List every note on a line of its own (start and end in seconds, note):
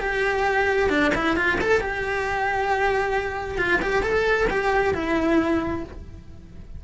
0.00 0.90 G4
0.90 1.12 D4
1.15 1.37 E4
1.37 1.59 F4
1.61 1.81 A4
1.81 3.58 G4
3.58 3.81 F4
3.82 4.03 G4
4.03 4.48 A4
4.50 4.94 G4
4.94 5.84 E4